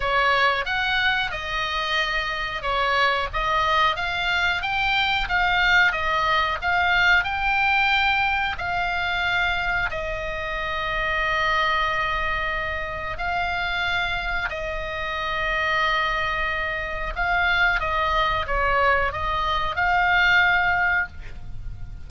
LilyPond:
\new Staff \with { instrumentName = "oboe" } { \time 4/4 \tempo 4 = 91 cis''4 fis''4 dis''2 | cis''4 dis''4 f''4 g''4 | f''4 dis''4 f''4 g''4~ | g''4 f''2 dis''4~ |
dis''1 | f''2 dis''2~ | dis''2 f''4 dis''4 | cis''4 dis''4 f''2 | }